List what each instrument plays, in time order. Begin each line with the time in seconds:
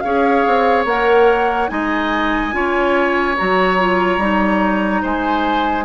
0.00 bassoon C#4, clarinet G#4, oboe C#5, flute F5
0.47 bassoon C4
0.85 bassoon A#3, clarinet A#4, flute F#5
1.68 bassoon G#3, clarinet D#4, oboe D#5, flute G#5
2.52 bassoon C#4, clarinet F4, oboe C#5
3.37 bassoon F#3, clarinet F#4, flute A#5
3.78 clarinet F4
4.18 bassoon G3, clarinet D#4
5.02 bassoon G#3, oboe C5, flute G#5